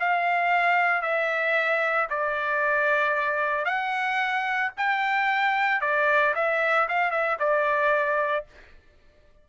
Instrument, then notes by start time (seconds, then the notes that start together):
trumpet
0.00 F5
1.02 E5
2.10 D5
3.65 F#5
4.77 G5
5.81 D5
6.35 E5
6.89 F5
7.11 E5
7.39 D5